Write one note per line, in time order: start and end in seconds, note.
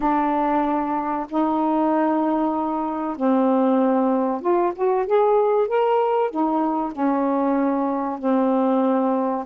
0.00 1.26 D4
1.29 3.16 D#4
3.16 4.41 C4
4.41 4.73 F4
4.75 5.06 F#4
5.06 5.67 G#4
5.67 6.30 A#4
6.30 6.92 D#4
6.92 8.18 C#4
8.18 9.45 C4